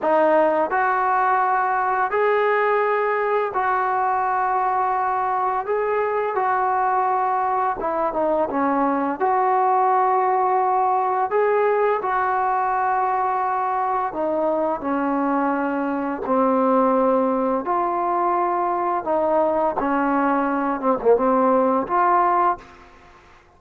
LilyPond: \new Staff \with { instrumentName = "trombone" } { \time 4/4 \tempo 4 = 85 dis'4 fis'2 gis'4~ | gis'4 fis'2. | gis'4 fis'2 e'8 dis'8 | cis'4 fis'2. |
gis'4 fis'2. | dis'4 cis'2 c'4~ | c'4 f'2 dis'4 | cis'4. c'16 ais16 c'4 f'4 | }